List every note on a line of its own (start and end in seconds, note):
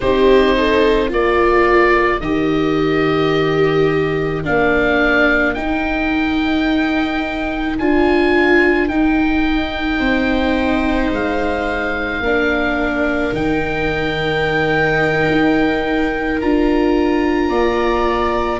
0.00 1.11 C4
0.00 1.08 D#4
0.00 0.56 G4
0.00 1.10 C5
0.57 1.09 A4
1.08 2.20 A#3
1.08 2.19 F4
1.08 9.98 A#4
1.08 2.20 D5
2.20 4.42 D#3
2.20 4.44 G4
2.20 4.42 D#5
4.44 5.57 A#3
4.44 5.55 D4
4.44 5.54 F5
5.54 7.78 D#4
5.54 7.79 D#4
5.54 7.76 G5
7.78 8.89 D4
7.78 8.89 F4
7.78 8.88 G#5
8.88 9.99 D#4
8.88 12.23 D#4
8.88 11.10 G5
9.99 11.10 C4
9.99 12.21 C5
11.11 12.20 G#3
11.11 13.34 F5
12.20 13.31 A#3
12.20 13.33 D4
12.20 17.49 A#4
13.32 15.27 D#3
13.32 16.39 D#4
13.32 16.40 G5
15.31 16.41 D#4
16.40 17.49 D4
16.40 18.60 F4
16.40 18.60 A#5
17.49 18.60 A#3
17.49 18.60 D5